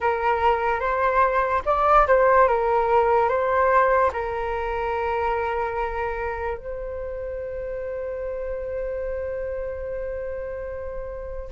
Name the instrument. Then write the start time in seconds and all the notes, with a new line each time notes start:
flute
0.00 A#4
0.80 C5
1.65 D5
2.07 C5
2.48 A#4
3.28 C5
4.12 A#4
6.57 C5